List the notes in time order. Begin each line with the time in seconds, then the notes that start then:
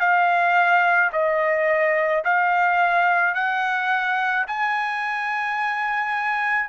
0.00 F5
1.13 D#5
2.25 F5
3.35 F#5
4.47 G#5